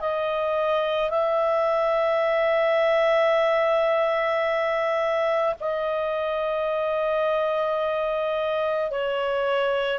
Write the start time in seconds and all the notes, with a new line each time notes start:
0.00 D#5
1.10 E5
5.60 D#5
8.91 C#5